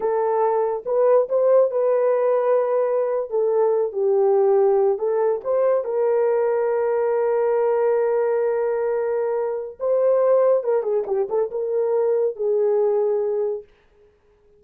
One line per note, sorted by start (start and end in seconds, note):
0.00 0.83 A4
0.85 1.28 B4
1.28 1.70 C5
1.70 3.29 B4
3.29 3.92 A4
3.92 4.98 G4
4.98 5.41 A4
5.44 5.84 C5
5.84 9.78 A#4
9.79 10.63 C5
10.63 10.82 A#4
10.82 11.04 G#4
11.06 11.28 G4
11.29 11.50 A4
11.50 12.36 A#4
12.36 13.63 G#4